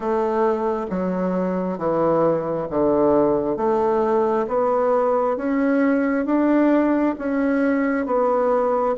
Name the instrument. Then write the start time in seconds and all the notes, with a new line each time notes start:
bassoon
0.00 A3
0.90 F#3
1.77 E3
2.70 D3
3.57 A3
4.47 B3
5.36 C#4
6.25 D4
7.18 C#4
8.06 B3